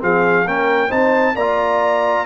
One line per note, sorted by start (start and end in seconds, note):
0.00 0.46 F3
0.00 0.45 C4
0.00 0.46 G#4
0.00 0.48 F5
0.46 0.91 A#3
0.46 0.90 C#4
0.46 0.89 A#4
0.46 0.92 G5
0.89 1.36 C4
0.89 1.35 D#4
0.89 1.34 C5
0.89 1.36 A5
1.36 2.26 A#3
1.36 2.26 F4
1.36 2.26 D5
1.36 2.26 A#5